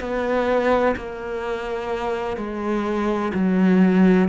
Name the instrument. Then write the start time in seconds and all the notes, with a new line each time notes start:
cello
0.00 B3
0.97 A#3
2.37 G#3
3.34 F#3